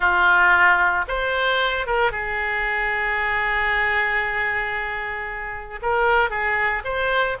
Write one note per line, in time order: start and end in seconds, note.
0.00 1.05 F4
1.08 1.86 C5
1.86 2.11 A#4
2.11 5.80 G#4
5.82 6.30 A#4
6.30 6.82 G#4
6.84 7.37 C5